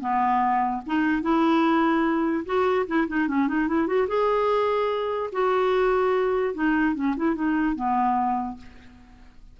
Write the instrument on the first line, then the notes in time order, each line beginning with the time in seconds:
clarinet
0.00 B3
0.86 D#4
1.22 E4
2.45 F#4
2.87 E4
3.08 D#4
3.28 C#4
3.48 D#4
3.68 E4
3.87 F#4
4.08 G#4
5.32 F#4
6.54 D#4
6.94 C#4
7.17 E4
7.35 D#4
7.75 B3